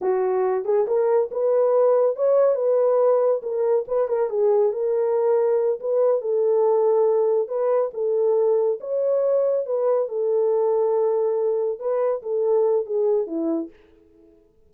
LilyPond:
\new Staff \with { instrumentName = "horn" } { \time 4/4 \tempo 4 = 140 fis'4. gis'8 ais'4 b'4~ | b'4 cis''4 b'2 | ais'4 b'8 ais'8 gis'4 ais'4~ | ais'4. b'4 a'4.~ |
a'4. b'4 a'4.~ | a'8 cis''2 b'4 a'8~ | a'2.~ a'8 b'8~ | b'8 a'4. gis'4 e'4 | }